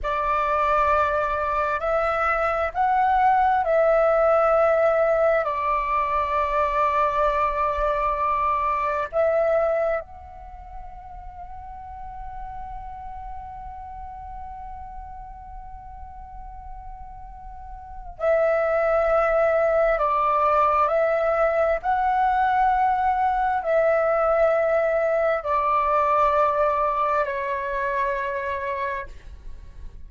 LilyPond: \new Staff \with { instrumentName = "flute" } { \time 4/4 \tempo 4 = 66 d''2 e''4 fis''4 | e''2 d''2~ | d''2 e''4 fis''4~ | fis''1~ |
fis''1 | e''2 d''4 e''4 | fis''2 e''2 | d''2 cis''2 | }